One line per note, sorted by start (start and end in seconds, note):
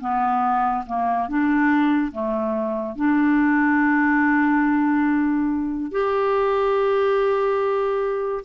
0.00 0.85 B3
0.86 1.28 A#3
1.28 2.12 D4
2.12 2.96 A3
2.96 5.91 D4
5.91 8.45 G4